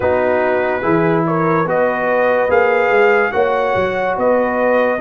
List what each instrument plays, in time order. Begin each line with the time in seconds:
0.00 tuba B3, trombone D#4, horn F#4, trumpet B4
0.81 tuba E3, trombone E4, horn G#4
1.26 horn A#4, trumpet C#5
1.65 tuba B3, trombone F#4, horn B4, trumpet D#5
2.49 tuba A#3, trombone G#4, trumpet F5
2.90 tuba G#3
3.31 tuba A#3, trombone F#4, horn C#5, trumpet F#5
3.75 tuba F#3
4.16 tuba B3, horn B4, trumpet D#5